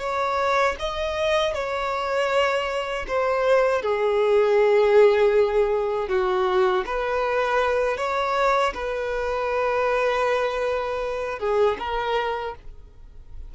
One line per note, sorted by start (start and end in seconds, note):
0.00 0.76 C#5
0.80 1.54 D#5
1.54 3.06 C#5
3.08 3.82 C5
3.82 6.09 G#4
6.09 6.85 F#4
6.87 7.98 B4
7.98 8.74 C#5
8.74 11.40 B4
11.40 11.78 G#4
11.79 12.55 A#4